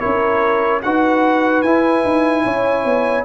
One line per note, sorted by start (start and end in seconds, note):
0.00 0.85 C#4
0.00 0.82 E4
0.00 0.82 A#4
0.00 0.81 C#5
0.83 1.64 D#4
0.83 1.66 F#4
0.83 2.44 B4
0.83 1.62 F#5
1.62 2.04 E4
1.62 3.25 E4
1.62 3.24 G#5
2.05 2.46 D#4
2.44 2.85 C#4
2.44 3.25 C#5
2.85 3.25 B3